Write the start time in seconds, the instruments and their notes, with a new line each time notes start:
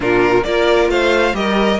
0.00 cello A#2, viola D4, violin F4 A#4
0.43 cello A#3, viola F4, violin A#4 D5
0.88 cello A3, violin C5 F5
1.33 cello G3, viola G4, violin A#4 D#5